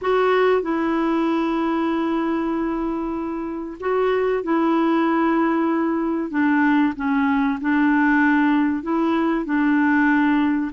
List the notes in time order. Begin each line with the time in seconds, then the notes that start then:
0.01 F#4
0.62 E4
3.80 F#4
4.43 E4
6.30 D4
6.96 C#4
7.60 D4
8.82 E4
9.45 D4